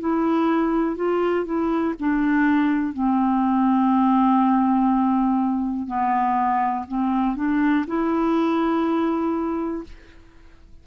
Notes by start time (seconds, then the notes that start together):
0.00 E4
0.96 F4
1.45 E4
1.99 D4
2.93 C4
5.87 B3
6.88 C4
7.35 D4
7.87 E4